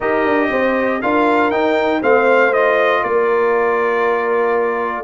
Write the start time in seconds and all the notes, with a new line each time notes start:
0.00 D#4 G4 A#4 D#5
0.25 D4
0.50 C4 C5
1.01 D4 F4 A#4 F5
1.50 D#4 G5
2.00 A3 C4 C5 F5
2.52 F4 D#5
3.02 A#3 A#4 D5